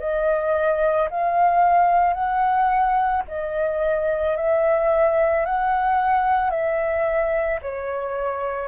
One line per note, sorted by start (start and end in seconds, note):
0.00 1.09 D#5
1.11 2.14 F5
2.14 3.23 F#5
3.28 4.37 D#5
4.37 5.46 E5
5.46 6.51 F#5
6.51 7.60 E5
7.63 8.69 C#5